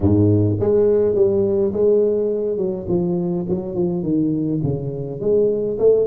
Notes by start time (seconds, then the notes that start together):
0.00 G#2
0.60 G#3
1.14 G3
1.73 G#3
2.57 F#3
2.88 F3
3.49 F#3
3.74 F3
4.02 D#3
4.63 C#3
5.20 G#3
5.78 A3